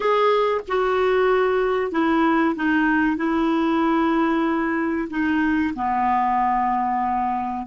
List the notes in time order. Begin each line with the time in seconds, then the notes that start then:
0.00 G#4
0.68 F#4
1.91 E4
2.55 D#4
3.16 E4
5.09 D#4
5.75 B3